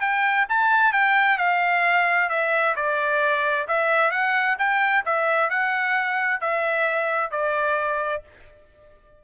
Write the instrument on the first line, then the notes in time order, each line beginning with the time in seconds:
trumpet
0.00 G5
0.49 A5
0.92 G5
1.38 F5
2.29 E5
2.76 D5
3.68 E5
4.11 F#5
4.58 G5
5.05 E5
5.49 F#5
6.40 E5
7.31 D5